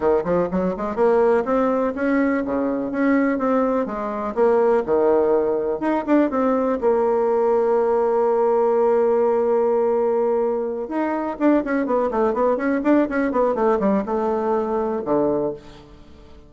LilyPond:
\new Staff \with { instrumentName = "bassoon" } { \time 4/4 \tempo 4 = 124 dis8 f8 fis8 gis8 ais4 c'4 | cis'4 cis4 cis'4 c'4 | gis4 ais4 dis2 | dis'8 d'8 c'4 ais2~ |
ais1~ | ais2~ ais8 dis'4 d'8 | cis'8 b8 a8 b8 cis'8 d'8 cis'8 b8 | a8 g8 a2 d4 | }